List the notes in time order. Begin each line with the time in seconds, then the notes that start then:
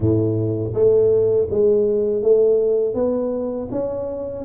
0.00 A2
0.74 A3
1.50 G#3
2.22 A3
2.94 B3
3.71 C#4